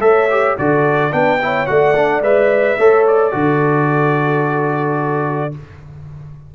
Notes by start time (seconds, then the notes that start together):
0.00 A3 A4 C#5 E5
0.30 G4
0.58 D3 F#4 A4 D5
1.11 B3 D4 B4 G5
1.42 E4 C#5
1.66 A3 F#4 D5 F#5
1.95 D4
2.21 G#3 B4 E5
2.78 A3 A4 C#5
3.07 D5
3.31 D3 F#4 A4